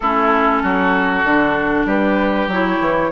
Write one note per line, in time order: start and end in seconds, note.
0.00 0.63 A3
0.00 1.26 C#4
0.00 0.62 E4
0.00 1.87 A4
0.62 1.24 F#3
0.62 1.86 F#4
1.24 1.85 D3
1.24 2.51 D4
1.85 2.47 G3
1.85 3.11 G4
1.85 2.50 B4
2.47 2.79 F#3
2.47 3.11 E4
2.47 3.11 C#5
2.79 3.11 E3